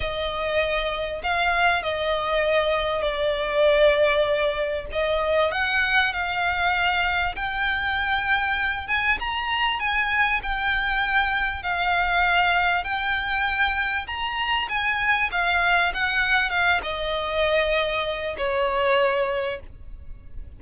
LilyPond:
\new Staff \with { instrumentName = "violin" } { \time 4/4 \tempo 4 = 98 dis''2 f''4 dis''4~ | dis''4 d''2. | dis''4 fis''4 f''2 | g''2~ g''8 gis''8 ais''4 |
gis''4 g''2 f''4~ | f''4 g''2 ais''4 | gis''4 f''4 fis''4 f''8 dis''8~ | dis''2 cis''2 | }